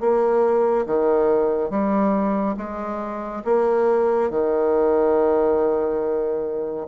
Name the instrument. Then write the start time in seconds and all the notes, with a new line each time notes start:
bassoon
0.00 A#3
0.86 D#3
1.70 G3
2.57 G#3
3.44 A#3
4.30 D#3